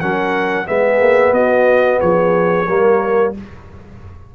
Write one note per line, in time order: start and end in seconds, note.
0.00 0.69 F#3
0.00 0.67 C#4
0.00 0.67 A#4
0.00 0.67 F#5
0.67 1.01 G#3
0.67 2.67 B3
0.67 1.33 G#4
0.67 1.34 E5
1.01 1.33 A#3
1.33 1.99 B3
1.33 2.00 F#4
1.33 2.00 D#5
2.01 2.68 F3
2.01 2.67 G#4
2.01 3.34 C#5
2.67 3.35 G3
2.67 3.35 A#3
2.67 3.34 A#4